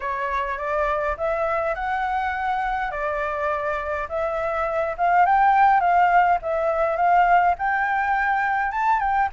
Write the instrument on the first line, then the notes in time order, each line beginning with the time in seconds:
flute
0.00 C#5
0.58 D5
1.17 E5
1.74 F#5
2.91 D5
4.08 E5
4.97 F5
5.25 G5
5.80 F5
6.42 E5
6.96 F5
7.58 G5
8.71 A5
8.99 G5